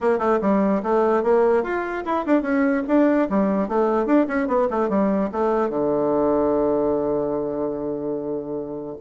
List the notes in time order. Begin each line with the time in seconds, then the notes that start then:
0.00 A#3
0.19 A3
0.41 G3
0.83 A3
1.23 A#3
1.63 F4
2.05 E4
2.26 D4
2.42 C#4
2.87 D4
3.29 G3
3.68 A3
4.06 D4
4.27 C#4
4.47 B3
4.70 A3
4.89 G3
5.32 A3
5.69 D3